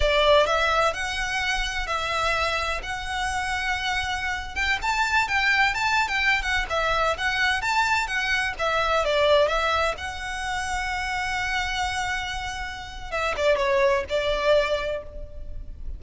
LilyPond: \new Staff \with { instrumentName = "violin" } { \time 4/4 \tempo 4 = 128 d''4 e''4 fis''2 | e''2 fis''2~ | fis''4.~ fis''16 g''8 a''4 g''8.~ | g''16 a''8. g''8. fis''8 e''4 fis''8.~ |
fis''16 a''4 fis''4 e''4 d''8.~ | d''16 e''4 fis''2~ fis''8.~ | fis''1 | e''8 d''8 cis''4 d''2 | }